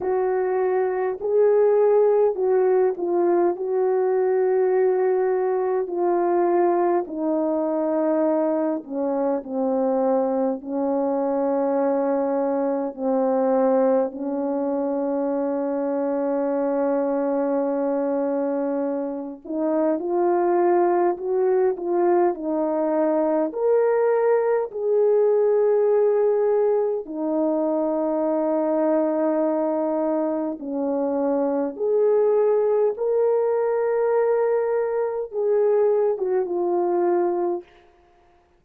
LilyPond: \new Staff \with { instrumentName = "horn" } { \time 4/4 \tempo 4 = 51 fis'4 gis'4 fis'8 f'8 fis'4~ | fis'4 f'4 dis'4. cis'8 | c'4 cis'2 c'4 | cis'1~ |
cis'8 dis'8 f'4 fis'8 f'8 dis'4 | ais'4 gis'2 dis'4~ | dis'2 cis'4 gis'4 | ais'2 gis'8. fis'16 f'4 | }